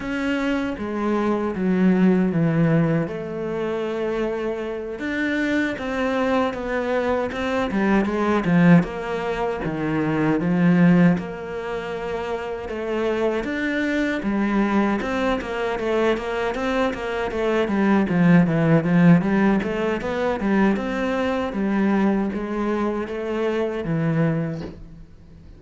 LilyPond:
\new Staff \with { instrumentName = "cello" } { \time 4/4 \tempo 4 = 78 cis'4 gis4 fis4 e4 | a2~ a8 d'4 c'8~ | c'8 b4 c'8 g8 gis8 f8 ais8~ | ais8 dis4 f4 ais4.~ |
ais8 a4 d'4 g4 c'8 | ais8 a8 ais8 c'8 ais8 a8 g8 f8 | e8 f8 g8 a8 b8 g8 c'4 | g4 gis4 a4 e4 | }